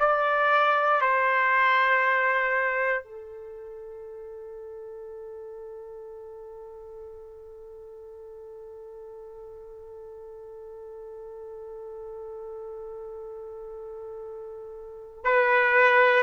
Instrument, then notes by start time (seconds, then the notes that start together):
trumpet
0.00 D5
1.02 C5
3.04 A4
15.24 B4